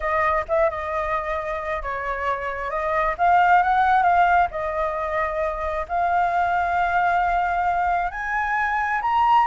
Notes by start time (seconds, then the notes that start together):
0.00 D#5
0.48 E5
0.70 D#5
1.82 C#5
2.70 D#5
3.18 F5
3.62 F#5
4.02 F5
4.50 D#5
5.88 F5
8.11 G#5
9.01 A#5